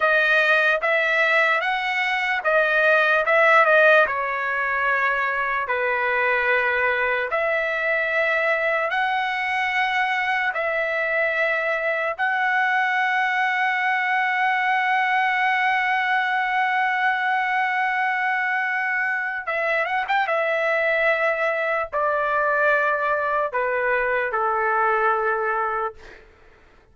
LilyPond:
\new Staff \with { instrumentName = "trumpet" } { \time 4/4 \tempo 4 = 74 dis''4 e''4 fis''4 dis''4 | e''8 dis''8 cis''2 b'4~ | b'4 e''2 fis''4~ | fis''4 e''2 fis''4~ |
fis''1~ | fis''1 | e''8 fis''16 g''16 e''2 d''4~ | d''4 b'4 a'2 | }